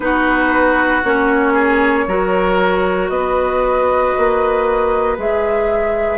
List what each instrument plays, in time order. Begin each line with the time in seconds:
0.00 bassoon B3, clarinet D#4, oboe F#4, flute B4
1.03 bassoon A#3, clarinet C#4, flute C#5
1.53 oboe G#4
2.07 bassoon F#3, clarinet F#4, oboe A#4
3.09 bassoon B3, oboe B4, flute D#5
4.17 bassoon A#3
5.17 bassoon G#3, clarinet G#4, flute E5